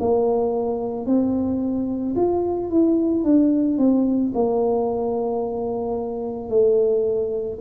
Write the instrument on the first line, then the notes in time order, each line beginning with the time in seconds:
tuba
0.00 A#3
1.07 C4
2.16 F4
2.70 E4
3.24 D4
3.78 C4
4.35 A#3
6.50 A3